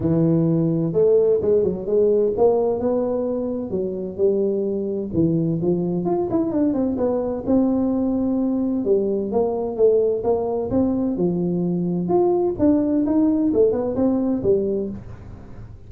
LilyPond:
\new Staff \with { instrumentName = "tuba" } { \time 4/4 \tempo 4 = 129 e2 a4 gis8 fis8 | gis4 ais4 b2 | fis4 g2 e4 | f4 f'8 e'8 d'8 c'8 b4 |
c'2. g4 | ais4 a4 ais4 c'4 | f2 f'4 d'4 | dis'4 a8 b8 c'4 g4 | }